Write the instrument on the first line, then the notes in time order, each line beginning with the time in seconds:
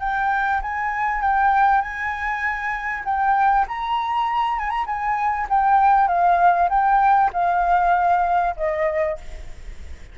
flute
0.00 G5
0.62 G#5
1.22 G5
1.82 G#5
3.05 G5
3.68 A#5
4.59 G#5
4.70 A#5
4.87 G#5
5.50 G5
6.08 F5
6.70 G5
7.33 F5
8.57 D#5